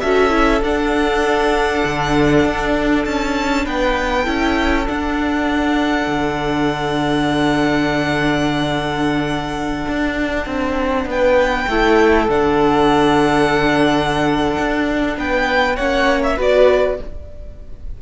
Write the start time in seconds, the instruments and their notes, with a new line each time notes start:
0.00 cello C#4, viola F#4, violin A4 E5
0.30 viola E4
0.61 cello D4, viola D4, violin F#5
1.84 cello D3
2.44 cello D4
3.05 cello C#4, violin A5
3.64 cello B3, violin B4 G5
4.21 cello C#4, viola E4, violin A4
4.86 viola D4, cello D4, violin F#5
6.07 cello D3
9.87 cello D4
10.46 cello C4
11.05 cello B3, violin B4 G5
11.67 cello A3, viola E4, violin A4
12.28 cello D3, viola D4, violin F#5
14.58 cello D4
15.17 cello B3, violin B4 G5
15.76 cello A#3, viola C#4, violin C#5 F#5
16.23 violin E5
16.36 cello B3, viola F#4, violin B4 D5